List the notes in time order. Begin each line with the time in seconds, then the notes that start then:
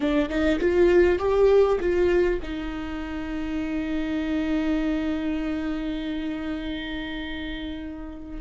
0.00 D4
0.29 D#4
0.59 F4
1.18 G4
1.79 F4
2.42 D#4